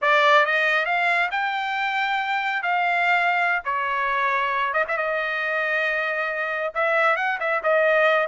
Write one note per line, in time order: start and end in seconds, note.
0.01 0.45 D5
0.45 0.85 D#5
0.85 1.29 F5
1.31 2.62 G5
2.62 3.62 F5
3.64 4.73 C#5
4.73 4.84 D#5
4.88 4.97 E5
4.97 6.73 D#5
6.74 7.16 E5
7.16 7.38 F#5
7.40 7.62 E5
7.63 8.27 D#5